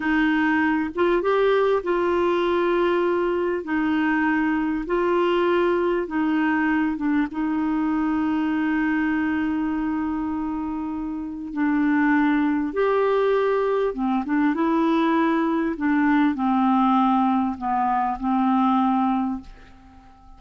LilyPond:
\new Staff \with { instrumentName = "clarinet" } { \time 4/4 \tempo 4 = 99 dis'4. f'8 g'4 f'4~ | f'2 dis'2 | f'2 dis'4. d'8 | dis'1~ |
dis'2. d'4~ | d'4 g'2 c'8 d'8 | e'2 d'4 c'4~ | c'4 b4 c'2 | }